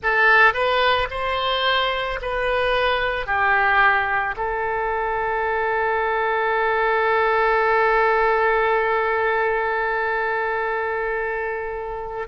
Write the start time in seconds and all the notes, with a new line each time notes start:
0.02 A4
0.53 B4
1.10 C5
2.21 B4
3.26 G4
4.36 A4